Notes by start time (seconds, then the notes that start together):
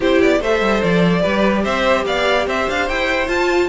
0.00 C4 E4 G4 C5
0.21 B3 D5
0.40 A3 A4 C5 E5
0.61 G3
0.82 F3 D5
1.20 G3 G4 B4
1.63 C4 C5 E5
2.05 B3 D5 F5
2.46 C4 C5 E5
2.68 D4 F5
2.88 E4 G5
3.28 F4 A5